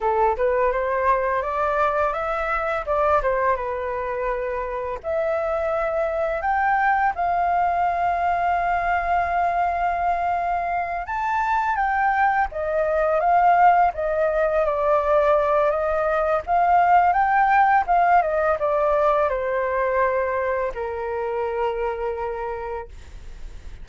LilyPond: \new Staff \with { instrumentName = "flute" } { \time 4/4 \tempo 4 = 84 a'8 b'8 c''4 d''4 e''4 | d''8 c''8 b'2 e''4~ | e''4 g''4 f''2~ | f''2.~ f''8 a''8~ |
a''8 g''4 dis''4 f''4 dis''8~ | dis''8 d''4. dis''4 f''4 | g''4 f''8 dis''8 d''4 c''4~ | c''4 ais'2. | }